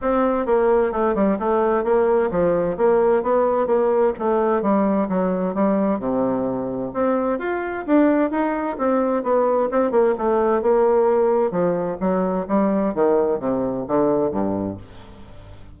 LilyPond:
\new Staff \with { instrumentName = "bassoon" } { \time 4/4 \tempo 4 = 130 c'4 ais4 a8 g8 a4 | ais4 f4 ais4 b4 | ais4 a4 g4 fis4 | g4 c2 c'4 |
f'4 d'4 dis'4 c'4 | b4 c'8 ais8 a4 ais4~ | ais4 f4 fis4 g4 | dis4 c4 d4 g,4 | }